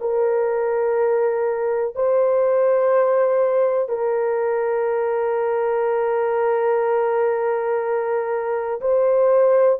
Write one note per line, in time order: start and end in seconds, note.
0.00 1.95 A#4
1.95 3.88 C5
3.88 8.80 A#4
8.80 9.79 C5